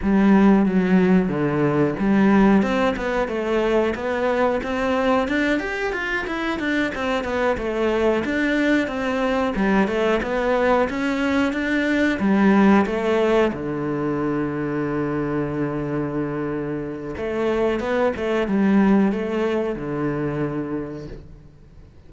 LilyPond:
\new Staff \with { instrumentName = "cello" } { \time 4/4 \tempo 4 = 91 g4 fis4 d4 g4 | c'8 b8 a4 b4 c'4 | d'8 g'8 f'8 e'8 d'8 c'8 b8 a8~ | a8 d'4 c'4 g8 a8 b8~ |
b8 cis'4 d'4 g4 a8~ | a8 d2.~ d8~ | d2 a4 b8 a8 | g4 a4 d2 | }